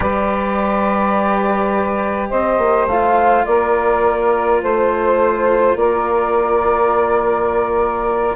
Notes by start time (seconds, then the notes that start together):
0.00 G3 G4 B4 D5
2.29 C4 C5 D#5
2.58 A#3
2.86 A3 F4 F5
3.45 A#3 A#4 D5
4.62 A3 C5
5.75 A#3 A#4 D5